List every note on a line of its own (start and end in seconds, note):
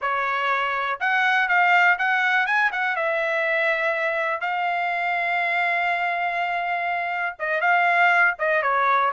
0.01 0.99 C#5
1.00 1.48 F#5
1.48 1.97 F5
1.98 2.46 F#5
2.46 2.70 G#5
2.72 2.96 F#5
2.96 4.40 E5
4.40 7.35 F5
7.39 7.61 D#5
7.61 8.34 F5
8.38 8.62 D#5
8.62 9.11 C#5